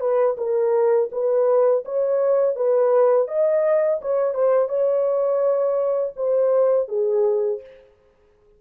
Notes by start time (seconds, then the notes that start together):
0.00 B4
0.37 A#4
1.12 B4
1.85 C#5
2.56 B4
3.28 D#5
4.02 C#5
4.34 C5
4.69 C#5
6.16 C5
6.88 G#4